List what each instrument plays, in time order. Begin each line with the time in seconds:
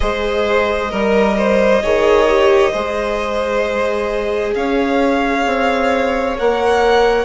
0.00 bassoon G#3, viola G#4, violin C5 D#5
0.90 bassoon G3, viola A#4, violin A#4
1.37 violin C5
1.83 bassoon D#3, viola G#4, violin C#5
2.27 viola G4
2.71 bassoon G#3, viola G#4, violin C5
4.54 bassoon C#4, violin C#5 F5
5.45 bassoon C4
6.36 bassoon A#3, viola A#4, violin F#5